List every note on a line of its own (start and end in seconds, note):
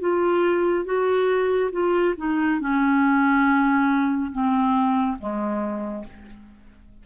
0.00 0.85 F4
0.85 1.70 F#4
1.71 2.14 F4
2.17 2.60 D#4
2.60 4.31 C#4
4.31 5.17 C4
5.19 6.04 G#3